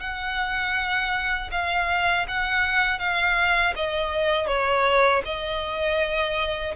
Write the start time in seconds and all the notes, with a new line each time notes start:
0.00 F#5
1.51 F5
2.27 F#5
2.99 F5
3.76 D#5
4.47 C#5
5.25 D#5